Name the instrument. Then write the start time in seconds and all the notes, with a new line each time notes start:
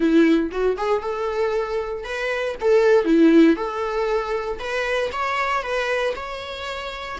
viola
0.00 E4
0.51 F#4
0.77 G#4
1.01 A4
2.03 B4
2.60 A4
3.05 E4
3.56 A4
4.59 B4
5.12 C#5
5.62 B4
6.15 C#5